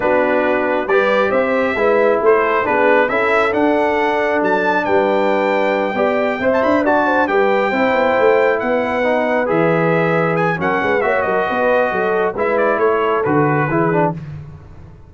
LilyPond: <<
  \new Staff \with { instrumentName = "trumpet" } { \time 4/4 \tempo 4 = 136 b'2 d''4 e''4~ | e''4 c''4 b'4 e''4 | fis''2 a''4 g''4~ | g''2~ g''8. a''16 b''8 a''8~ |
a''8 g''2. fis''8~ | fis''4. e''2 gis''8 | fis''4 e''8 dis''2~ dis''8 | e''8 d''8 cis''4 b'2 | }
  \new Staff \with { instrumentName = "horn" } { \time 4/4 fis'2 b'4 c''4 | b'4 a'4 gis'4 a'4~ | a'2. b'4~ | b'4. d''4 e''4 d''8 |
c''8 b'4 c''2 b'8~ | b'1 | ais'8 b'8 cis''8 ais'8 b'4 a'4 | b'4 a'2 gis'4 | }
  \new Staff \with { instrumentName = "trombone" } { \time 4/4 d'2 g'2 | e'2 d'4 e'4 | d'1~ | d'4. g'4 c''4 fis'8~ |
fis'8 g'4 e'2~ e'8~ | e'8 dis'4 gis'2~ gis'8 | cis'4 fis'2. | e'2 fis'4 e'8 d'8 | }
  \new Staff \with { instrumentName = "tuba" } { \time 4/4 b2 g4 c'4 | gis4 a4 b4 cis'4 | d'2 fis4 g4~ | g4. b4 c'8 d'4~ |
d'8 g4 c'8 b8 a4 b8~ | b4. e2~ e8 | fis8 gis8 ais8 fis8 b4 fis4 | gis4 a4 d4 e4 | }
>>